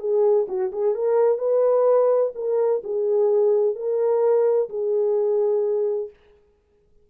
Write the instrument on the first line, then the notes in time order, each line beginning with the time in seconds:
horn
0.00 G#4
0.48 F#4
0.72 G#4
0.95 A#4
1.38 B4
2.35 A#4
2.84 G#4
3.75 A#4
4.69 G#4